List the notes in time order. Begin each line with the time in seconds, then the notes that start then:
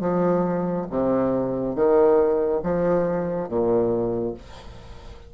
0.00 F3
0.90 C3
1.75 D#3
2.63 F3
3.49 A#2